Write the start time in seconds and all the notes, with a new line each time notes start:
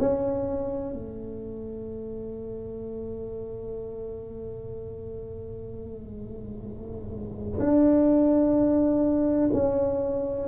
0.00 C#4
0.94 A3
7.60 D4
9.53 C#4